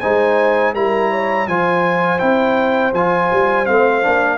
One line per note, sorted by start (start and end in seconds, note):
0.00 0.74 G#3
0.00 0.75 D#4
0.00 0.73 C5
0.00 0.73 G#5
0.74 1.47 G3
0.74 1.48 E4
0.74 1.11 A#4
0.74 1.48 A#5
1.11 1.47 C#5
1.47 2.20 F3
1.47 2.19 F4
1.47 4.38 C5
1.47 2.19 G#5
2.19 2.93 C4
2.19 2.92 E4
2.19 2.92 G5
2.93 3.29 F3
2.93 3.66 F4
2.93 3.66 G#5
3.32 3.69 G3
3.66 4.05 A3
3.66 4.02 C4
3.66 4.38 F5
4.02 4.38 A#3
4.02 4.38 D4